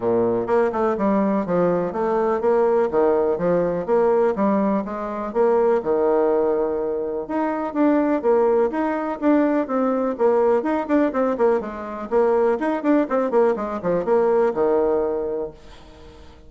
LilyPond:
\new Staff \with { instrumentName = "bassoon" } { \time 4/4 \tempo 4 = 124 ais,4 ais8 a8 g4 f4 | a4 ais4 dis4 f4 | ais4 g4 gis4 ais4 | dis2. dis'4 |
d'4 ais4 dis'4 d'4 | c'4 ais4 dis'8 d'8 c'8 ais8 | gis4 ais4 dis'8 d'8 c'8 ais8 | gis8 f8 ais4 dis2 | }